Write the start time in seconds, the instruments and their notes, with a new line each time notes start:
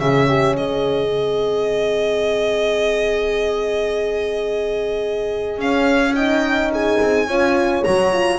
0.00 double bass C#3, horn C#4 G#4, violin E5
0.28 horn G4
0.56 double bass G#3, horn G#4, violin D#5
1.10 horn C4
5.57 double bass C#4, horn C#4, violin F5
6.15 horn D#4 D#5, violin G5
6.72 horn G#4, violin G#5
7.02 double bass C4
7.27 double bass C#4, horn F4 C#5
7.84 double bass F#3, horn F#4, violin A#5
8.12 horn F4